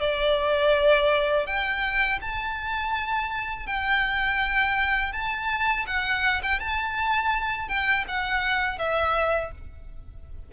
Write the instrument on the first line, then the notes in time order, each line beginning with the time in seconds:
violin
0.00 D5
1.46 G5
2.21 A5
3.67 G5
5.13 A5
5.87 F#5
6.43 G5
6.60 A5
7.68 G5
8.08 F#5
8.78 E5